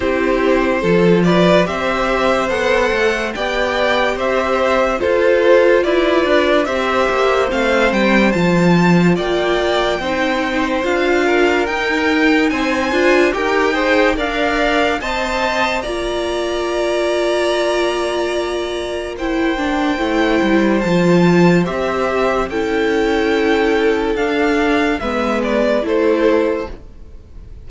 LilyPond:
<<
  \new Staff \with { instrumentName = "violin" } { \time 4/4 \tempo 4 = 72 c''4. d''8 e''4 fis''4 | g''4 e''4 c''4 d''4 | e''4 f''8 g''8 a''4 g''4~ | g''4 f''4 g''4 gis''4 |
g''4 f''4 a''4 ais''4~ | ais''2. g''4~ | g''4 a''4 e''4 g''4~ | g''4 f''4 e''8 d''8 c''4 | }
  \new Staff \with { instrumentName = "violin" } { \time 4/4 g'4 a'8 b'8 c''2 | d''4 c''4 a'4 b'4 | c''2. d''4 | c''4. ais'4. c''4 |
ais'8 c''8 d''4 dis''4 d''4~ | d''2. c''4~ | c''2. a'4~ | a'2 b'4 a'4 | }
  \new Staff \with { instrumentName = "viola" } { \time 4/4 e'4 f'4 g'4 a'4 | g'2 f'2 | g'4 c'4 f'2 | dis'4 f'4 dis'4. f'8 |
g'8 gis'8 ais'4 c''4 f'4~ | f'2. e'8 d'8 | e'4 f'4 g'4 e'4~ | e'4 d'4 b4 e'4 | }
  \new Staff \with { instrumentName = "cello" } { \time 4/4 c'4 f4 c'4 b8 a8 | b4 c'4 f'4 e'8 d'8 | c'8 ais8 a8 g8 f4 ais4 | c'4 d'4 dis'4 c'8 d'8 |
dis'4 d'4 c'4 ais4~ | ais1 | a8 g8 f4 c'4 cis'4~ | cis'4 d'4 gis4 a4 | }
>>